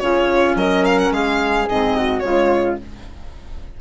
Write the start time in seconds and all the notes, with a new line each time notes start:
0.00 C#3 C#4 F4 C#5
0.55 F#3 A#4 D#5
0.86 F5
0.99 F#5
1.12 G#3 G#4 F5
1.69 G#2 C4 D#5
1.96 F#4
2.20 C#3 G#3 F4 C#5